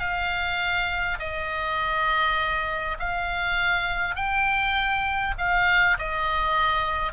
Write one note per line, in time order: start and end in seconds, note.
0.00 1.19 F5
1.20 2.98 D#5
2.99 4.16 F5
4.16 5.35 G5
5.38 5.98 F5
5.99 7.13 D#5